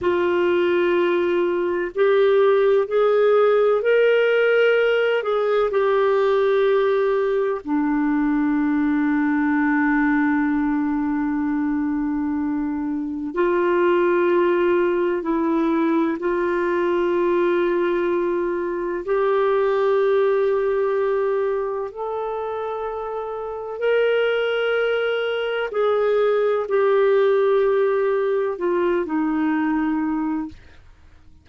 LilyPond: \new Staff \with { instrumentName = "clarinet" } { \time 4/4 \tempo 4 = 63 f'2 g'4 gis'4 | ais'4. gis'8 g'2 | d'1~ | d'2 f'2 |
e'4 f'2. | g'2. a'4~ | a'4 ais'2 gis'4 | g'2 f'8 dis'4. | }